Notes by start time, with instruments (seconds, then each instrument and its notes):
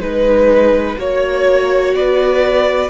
0.00 cello G#3, viola D#4, violin B4
0.98 cello A#3, viola F#4, violin C#5
1.95 cello B3, violin B4 D5